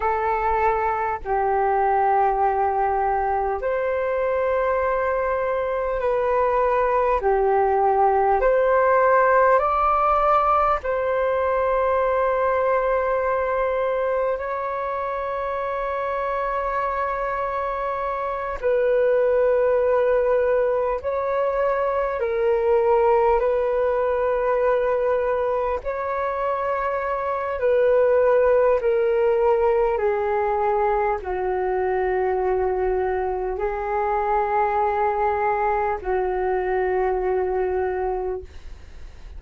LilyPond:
\new Staff \with { instrumentName = "flute" } { \time 4/4 \tempo 4 = 50 a'4 g'2 c''4~ | c''4 b'4 g'4 c''4 | d''4 c''2. | cis''2.~ cis''8 b'8~ |
b'4. cis''4 ais'4 b'8~ | b'4. cis''4. b'4 | ais'4 gis'4 fis'2 | gis'2 fis'2 | }